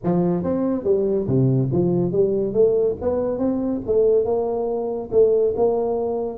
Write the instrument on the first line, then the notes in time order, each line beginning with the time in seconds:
tuba
0.03 F3
0.43 C4
0.84 G3
1.27 C3
1.72 F3
2.12 G3
2.53 A3
3.01 B3
3.38 C4
3.86 A3
4.24 A#3
5.11 A3
5.56 A#3